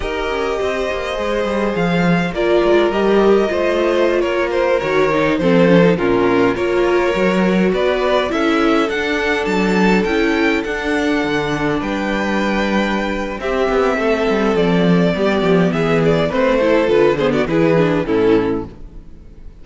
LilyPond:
<<
  \new Staff \with { instrumentName = "violin" } { \time 4/4 \tempo 4 = 103 dis''2. f''4 | d''4 dis''2~ dis''16 cis''8 c''16~ | c''16 cis''4 c''4 ais'4 cis''8.~ | cis''4~ cis''16 d''4 e''4 fis''8.~ |
fis''16 a''4 g''4 fis''4.~ fis''16~ | fis''16 g''2~ g''8. e''4~ | e''4 d''2 e''8 d''8 | c''4 b'8 c''16 d''16 b'4 a'4 | }
  \new Staff \with { instrumentName = "violin" } { \time 4/4 ais'4 c''2. | ais'2 c''4~ c''16 ais'8.~ | ais'4~ ais'16 a'4 f'4 ais'8.~ | ais'4~ ais'16 b'4 a'4.~ a'16~ |
a'1~ | a'16 b'2~ b'8. g'4 | a'2 g'4 gis'4 | b'8 a'4 gis'16 fis'16 gis'4 e'4 | }
  \new Staff \with { instrumentName = "viola" } { \time 4/4 g'2 gis'2 | f'4 g'4 f'2~ | f'16 fis'8 dis'8 c'8 cis'16 dis'16 cis'4 f'8.~ | f'16 fis'2 e'4 d'8.~ |
d'4~ d'16 e'4 d'4.~ d'16~ | d'2. c'4~ | c'2 b2 | c'8 e'8 f'8 b8 e'8 d'8 cis'4 | }
  \new Staff \with { instrumentName = "cello" } { \time 4/4 dis'8 cis'8 c'8 ais8 gis8 g8 f4 | ais8 gis8 g4 a4~ a16 ais8.~ | ais16 dis4 f4 ais,4 ais8.~ | ais16 fis4 b4 cis'4 d'8.~ |
d'16 fis4 cis'4 d'4 d8.~ | d16 g2~ g8. c'8 b8 | a8 g8 f4 g8 f8 e4 | a4 d4 e4 a,4 | }
>>